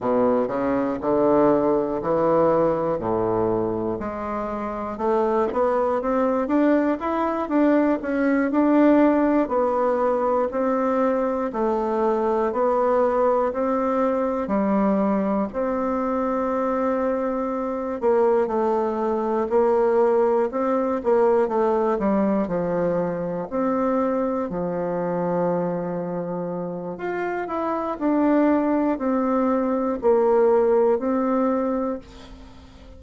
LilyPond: \new Staff \with { instrumentName = "bassoon" } { \time 4/4 \tempo 4 = 60 b,8 cis8 d4 e4 a,4 | gis4 a8 b8 c'8 d'8 e'8 d'8 | cis'8 d'4 b4 c'4 a8~ | a8 b4 c'4 g4 c'8~ |
c'2 ais8 a4 ais8~ | ais8 c'8 ais8 a8 g8 f4 c'8~ | c'8 f2~ f8 f'8 e'8 | d'4 c'4 ais4 c'4 | }